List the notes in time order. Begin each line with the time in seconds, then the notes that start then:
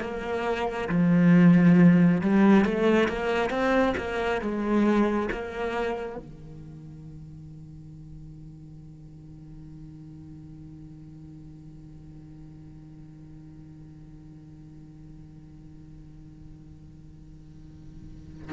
0.00 A#3
0.89 F3
2.21 G3
2.64 A3
3.08 A#3
3.50 C4
3.97 A#3
4.41 G#3
5.31 A#3
6.16 D#3